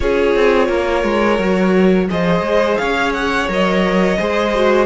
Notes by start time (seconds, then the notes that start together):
0.00 C#4 F4 G#4 C#5
0.35 C4
0.67 A#3 A#4
1.03 G#3
1.39 F#3 F#4
2.08 F3 G#4 C5 D#5
2.41 G#3
2.77 C#4 C#5 F5
3.13 F#5
3.48 F#3 A#4 D#5
4.17 G#3 G#4 C5
4.55 F#4